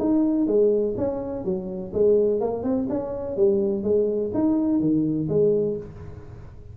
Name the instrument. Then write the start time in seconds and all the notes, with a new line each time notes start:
tuba
0.00 D#4
0.47 G#3
0.98 C#4
1.45 F#3
1.93 G#3
2.41 A#3
2.63 C4
2.90 C#4
3.37 G3
3.83 G#3
4.34 D#4
4.80 D#3
5.29 G#3